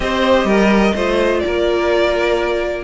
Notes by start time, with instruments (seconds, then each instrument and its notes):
0.00 cello C4, viola G4, violin C5 D#5
0.44 cello G3, violin A#4
0.94 cello A3, viola F4, violin C5
1.39 violin A#4 D5
1.45 cello A#3